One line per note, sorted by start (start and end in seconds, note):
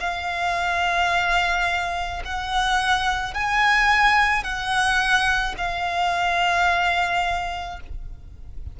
0.00 2.22 F5
2.25 3.34 F#5
3.34 4.43 G#5
4.43 5.55 F#5
5.58 7.80 F5